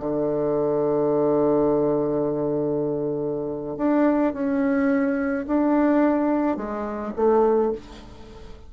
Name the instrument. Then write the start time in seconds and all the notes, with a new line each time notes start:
bassoon
0.00 D3
3.77 D4
4.34 C#4
5.47 D4
6.57 G#3
7.16 A3